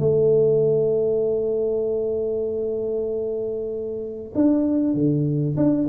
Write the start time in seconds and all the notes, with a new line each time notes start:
0.00 A3
4.36 D4
4.95 D3
5.57 D4